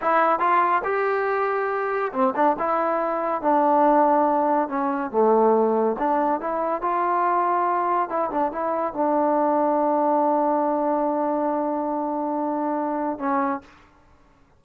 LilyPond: \new Staff \with { instrumentName = "trombone" } { \time 4/4 \tempo 4 = 141 e'4 f'4 g'2~ | g'4 c'8 d'8 e'2 | d'2. cis'4 | a2 d'4 e'4 |
f'2. e'8 d'8 | e'4 d'2.~ | d'1~ | d'2. cis'4 | }